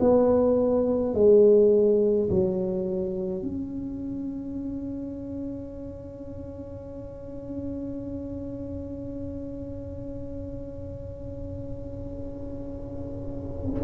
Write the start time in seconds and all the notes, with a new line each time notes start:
0.00 B3
1.14 G#3
2.30 F#3
3.42 C#4